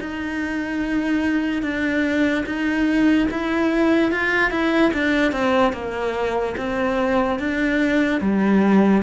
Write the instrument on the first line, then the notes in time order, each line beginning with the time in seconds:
cello
0.00 D#4
1.62 D4
2.46 D#4
3.31 E4
4.12 F4
4.51 E4
4.94 D4
5.32 C4
5.73 A#3
6.57 C4
7.39 D4
8.21 G3